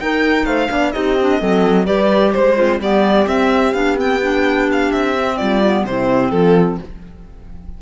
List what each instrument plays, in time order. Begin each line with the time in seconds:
0.00 cello D#4, clarinet D#4, horn A#4, violin G5
0.45 cello A3, horn C5, violin F5
0.69 cello B3, clarinet D4, horn D5
0.92 cello C4, clarinet D#4, horn G4, violin D#5
1.21 clarinet D4
1.40 cello F#3, clarinet C4, horn A4
1.86 cello G3, clarinet G4, horn B4, violin D5
2.33 cello G#3, violin C5, horn C5
2.56 horn C4, clarinet F4
2.80 cello G3, clarinet B3, horn G4, violin D5
3.27 clarinet C4, cello C4, violin E5
3.74 cello B3, clarinet D4, violin F5
3.96 clarinet C4, violin G5
4.23 clarinet D4
4.72 violin F5
4.92 cello C4, violin E5
5.17 clarinet C4
5.37 cello G3, horn F4, violin D5
5.64 clarinet B3
5.85 cello C3, clarinet C4, horn E4, violin C5
6.31 cello F3, horn F4, violin A4